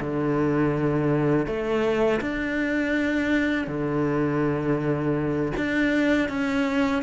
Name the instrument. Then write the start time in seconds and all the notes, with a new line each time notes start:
cello
0.00 D3
1.46 A3
2.21 D4
3.67 D3
5.57 D4
6.29 C#4